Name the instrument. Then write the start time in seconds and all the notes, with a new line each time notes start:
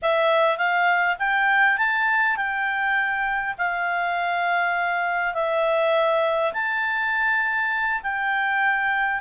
clarinet
0.02 E5
0.57 F5
1.18 G5
1.77 A5
2.36 G5
3.58 F5
5.34 E5
6.53 A5
8.02 G5